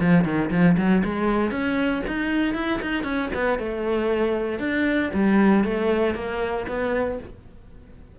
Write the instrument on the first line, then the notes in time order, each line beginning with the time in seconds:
cello
0.00 F3
0.24 D#3
0.51 F3
0.77 F#3
1.04 G#3
1.51 C#4
2.07 D#4
2.54 E4
2.81 D#4
3.03 C#4
3.34 B3
3.59 A3
4.59 D4
5.13 G3
5.64 A3
6.15 A#3
6.67 B3